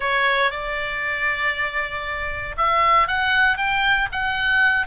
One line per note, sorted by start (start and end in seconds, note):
0.00 0.50 C#5
0.50 2.55 D5
2.57 3.07 E5
3.07 3.57 F#5
3.57 4.08 G5
4.12 4.86 F#5